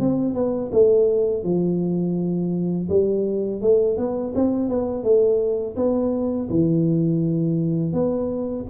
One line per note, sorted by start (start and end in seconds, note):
0.00 0.35 C4
0.35 0.71 B3
0.73 1.44 A3
1.44 2.88 F3
2.89 3.61 G3
3.61 3.97 A3
3.97 4.33 B3
4.35 4.69 C4
4.69 5.03 B3
5.03 5.76 A3
5.76 6.49 B3
6.50 7.93 E3
7.93 8.65 B3